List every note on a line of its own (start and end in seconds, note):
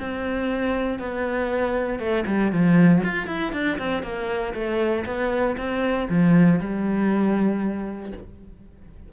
0.00 1.00 C4
1.00 1.99 B3
1.99 2.25 A3
2.27 2.52 G3
2.52 3.03 F3
3.04 3.27 F4
3.27 3.53 E4
3.53 3.78 D4
3.79 4.03 C4
4.03 4.54 A#3
4.54 5.05 A3
5.06 5.57 B3
5.58 6.09 C4
6.10 6.60 F3
6.60 8.13 G3